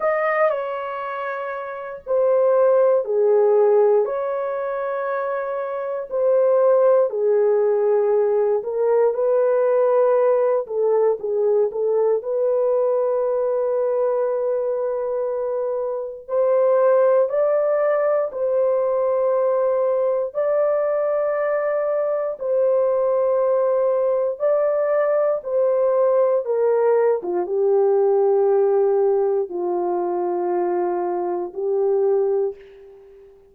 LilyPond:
\new Staff \with { instrumentName = "horn" } { \time 4/4 \tempo 4 = 59 dis''8 cis''4. c''4 gis'4 | cis''2 c''4 gis'4~ | gis'8 ais'8 b'4. a'8 gis'8 a'8 | b'1 |
c''4 d''4 c''2 | d''2 c''2 | d''4 c''4 ais'8. f'16 g'4~ | g'4 f'2 g'4 | }